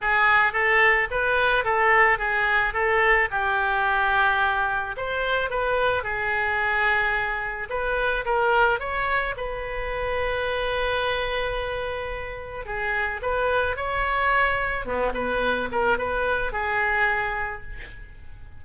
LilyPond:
\new Staff \with { instrumentName = "oboe" } { \time 4/4 \tempo 4 = 109 gis'4 a'4 b'4 a'4 | gis'4 a'4 g'2~ | g'4 c''4 b'4 gis'4~ | gis'2 b'4 ais'4 |
cis''4 b'2.~ | b'2. gis'4 | b'4 cis''2 b8 b'8~ | b'8 ais'8 b'4 gis'2 | }